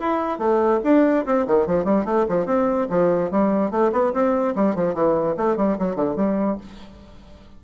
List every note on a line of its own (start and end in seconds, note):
0.00 0.39 E4
0.39 0.80 A3
0.84 1.26 D4
1.26 1.47 C4
1.47 1.67 D#3
1.67 1.85 F3
1.85 2.05 G3
2.05 2.26 A3
2.29 2.46 F3
2.46 2.88 C4
2.90 3.31 F3
3.31 3.71 G3
3.71 3.92 A3
3.93 4.13 B3
4.14 4.55 C4
4.56 4.76 G3
4.76 4.94 F3
4.94 5.36 E3
5.37 5.57 A3
5.57 5.78 G3
5.79 5.96 F#3
5.96 6.16 D3
6.16 6.58 G3